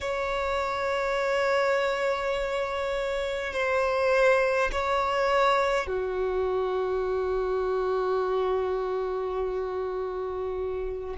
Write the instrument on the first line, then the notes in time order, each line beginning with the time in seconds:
violin
0.00 C#5
3.53 C5
4.72 C#5
5.87 F#4